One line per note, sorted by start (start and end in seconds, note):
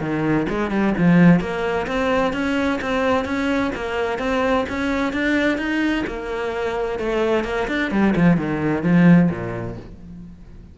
0.00 0.47 D#3
0.49 0.70 G#3
0.70 0.93 G3
0.97 1.40 F3
1.40 1.87 A#3
1.87 2.33 C4
2.33 2.79 C#4
2.81 3.25 C4
3.25 3.71 C#4
3.75 4.19 A#3
4.19 4.65 C4
4.69 5.13 C#4
5.13 5.58 D4
5.58 6.04 D#4
6.07 6.99 A#3
6.99 7.44 A3
7.44 7.67 A#3
7.68 7.91 D4
7.91 8.14 G3
8.15 8.37 F3
8.37 8.83 D#3
8.83 9.29 F3
9.30 9.77 A#2